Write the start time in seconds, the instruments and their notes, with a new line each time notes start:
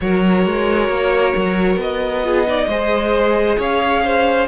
0.00 cello F#3, viola F#4, violin A#4 C#5
0.46 cello G#3
0.88 cello A#3
1.35 cello F#3
1.76 cello B3, violin D#5
2.23 viola F4, violin G#4
2.46 viola D#4, violin D5
2.67 cello G#3, viola G#4, violin C5
3.58 cello C#4, violin C#5 F5
4.04 violin C5